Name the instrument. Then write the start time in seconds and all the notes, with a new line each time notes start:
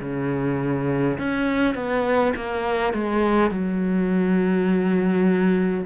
cello
0.00 C#3
1.19 C#4
1.74 B3
2.35 A#3
2.94 G#3
3.50 F#3